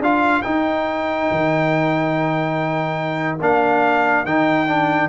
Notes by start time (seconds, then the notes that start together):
0.00 D4 F4 A#4 F5
0.42 D#4 G5
1.31 D#3
3.41 A#3 D4 F5
4.25 D#3 D#4 G5
4.68 D4